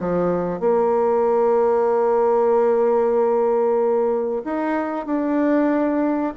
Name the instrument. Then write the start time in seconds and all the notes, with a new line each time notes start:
bassoon
0.00 F3
0.60 A#3
4.45 D#4
5.06 D4